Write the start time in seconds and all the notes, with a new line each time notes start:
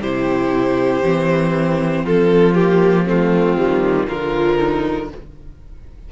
0.00 C3 E4 G4 C5
1.02 E3 C4
2.03 F3 F4 A4
2.54 A#3 G4
3.04 A3 C4 F4
3.56 D#3 G3
4.07 D3 F3 F4 A#4
4.58 D#4